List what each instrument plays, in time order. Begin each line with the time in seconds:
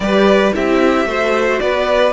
0.00 cello G3, viola G4, violin B4 D5
0.53 cello C4, viola E4, violin G4 E5
1.05 cello A3, viola F#4, violin C5
1.59 cello B3, violin B4 D5